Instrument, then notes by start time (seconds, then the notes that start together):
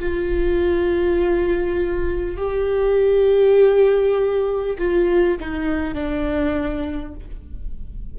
viola
0.00 F4
2.37 G4
4.79 F4
5.41 D#4
5.95 D4